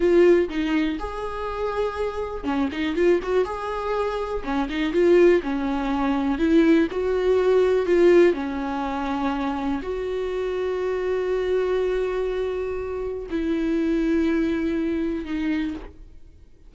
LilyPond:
\new Staff \with { instrumentName = "viola" } { \time 4/4 \tempo 4 = 122 f'4 dis'4 gis'2~ | gis'4 cis'8 dis'8 f'8 fis'8 gis'4~ | gis'4 cis'8 dis'8 f'4 cis'4~ | cis'4 e'4 fis'2 |
f'4 cis'2. | fis'1~ | fis'2. e'4~ | e'2. dis'4 | }